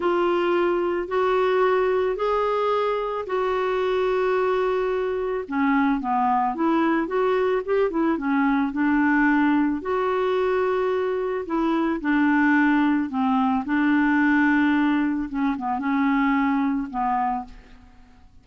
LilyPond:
\new Staff \with { instrumentName = "clarinet" } { \time 4/4 \tempo 4 = 110 f'2 fis'2 | gis'2 fis'2~ | fis'2 cis'4 b4 | e'4 fis'4 g'8 e'8 cis'4 |
d'2 fis'2~ | fis'4 e'4 d'2 | c'4 d'2. | cis'8 b8 cis'2 b4 | }